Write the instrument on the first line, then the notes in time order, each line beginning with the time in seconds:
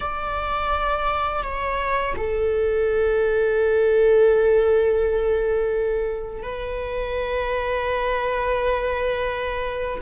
viola
0.00 D5
1.43 C#5
2.16 A4
6.43 B4